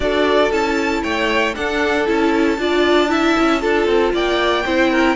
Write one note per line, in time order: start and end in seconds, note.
0.00 0.50 D4
0.00 0.51 F#4
0.00 1.02 A4
0.00 0.51 D5
0.51 1.02 C#4
0.51 1.54 E4
0.51 1.03 A5
1.02 1.55 A3
1.02 1.54 C#5
1.02 1.54 G5
1.54 2.05 D4
1.54 2.08 D4
1.54 2.60 A4
1.54 2.06 F#5
2.05 2.57 C#4
2.05 2.57 E4
2.05 4.15 A5
2.57 3.35 D4
2.57 3.08 F4
2.57 3.10 D5
3.08 3.60 E4
3.08 3.61 E5
3.37 3.63 C#4
3.60 3.86 D4
3.60 4.63 F4
3.60 4.13 A4
3.86 4.12 C4
4.13 4.64 A#3
4.13 4.64 D5
4.13 5.16 G5
4.64 5.16 C4
4.64 5.16 E4
4.64 4.90 C5
4.90 5.16 A#4